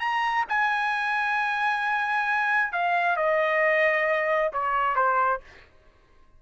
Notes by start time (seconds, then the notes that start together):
0.00 A#5
0.49 G#5
2.73 F5
3.17 D#5
4.53 C#5
4.96 C5